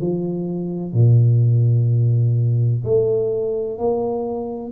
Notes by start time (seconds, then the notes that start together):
0.00 F3
0.93 A#2
2.84 A3
3.78 A#3